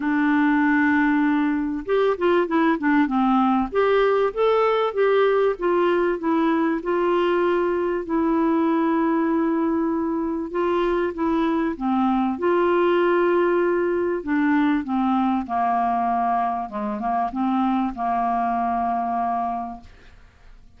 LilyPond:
\new Staff \with { instrumentName = "clarinet" } { \time 4/4 \tempo 4 = 97 d'2. g'8 f'8 | e'8 d'8 c'4 g'4 a'4 | g'4 f'4 e'4 f'4~ | f'4 e'2.~ |
e'4 f'4 e'4 c'4 | f'2. d'4 | c'4 ais2 gis8 ais8 | c'4 ais2. | }